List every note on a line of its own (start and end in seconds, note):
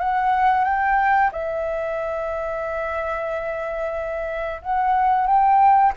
0.00 0.65 F#5
0.65 1.31 G5
1.32 4.62 E5
4.62 5.27 F#5
5.27 5.93 G5